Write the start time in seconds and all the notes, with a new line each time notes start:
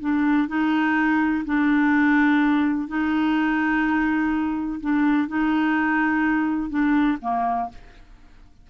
0.00 D4
0.48 D#4
1.45 D4
2.88 D#4
4.80 D4
5.28 D#4
6.70 D4
7.21 A#3